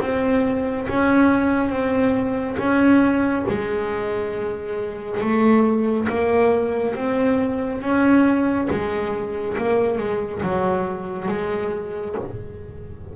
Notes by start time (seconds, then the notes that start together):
0.00 C4
0.88 C#4
1.69 C4
2.58 C#4
3.48 G#3
5.21 A3
6.08 A#3
6.94 C4
7.81 C#4
8.70 G#3
9.57 A#3
9.98 G#3
10.42 F#3
11.28 G#3